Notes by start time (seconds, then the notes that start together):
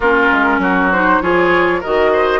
0.00 A#3 C#4 F4 A#4
0.32 G#3
0.58 F#3 F#4
0.91 D#4 C5
1.21 F3 F4 G#4 C#5
1.80 D#3 F#4 A#4 D#5
2.12 C5